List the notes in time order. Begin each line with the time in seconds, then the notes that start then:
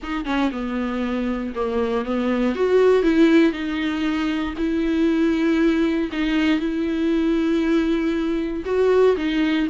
0.02 D#4
0.25 C#4
0.51 B3
1.55 A#3
2.05 B3
2.55 F#4
3.03 E4
3.52 D#4
4.57 E4
6.12 D#4
6.59 E4
8.65 F#4
9.16 D#4